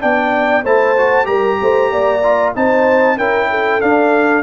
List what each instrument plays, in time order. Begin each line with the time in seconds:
0.00 tuba B3, trombone D4, horn D5, trumpet G5
0.64 tuba A3, trombone E4, horn C5, trumpet A5
0.96 trombone F#4
1.24 tuba G3, trombone G4, horn A#4, trumpet A#5
1.61 tuba A3, horn C5
1.91 tuba A#3, horn D5
2.23 trombone F4
2.54 tuba C4, trombone D#4, horn C5, trumpet A5
3.17 tuba C#4, trombone E4, horn A#4, trumpet G5
3.50 horn A4
3.81 trombone D4, tuba D4, trumpet F5